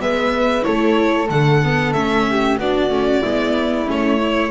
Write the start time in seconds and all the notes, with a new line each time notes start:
0.00 G#3 B3 B4 E5
0.62 A3 E4 A4 C#5
1.28 D3 A3 F#5
1.64 B3
1.93 A3 C#4 E5
2.30 G4
2.58 B3 D4 F#4 D5
2.90 A3 C#4
3.22 G#3 B3 E4
3.86 A3 C#4 C#5
4.22 E4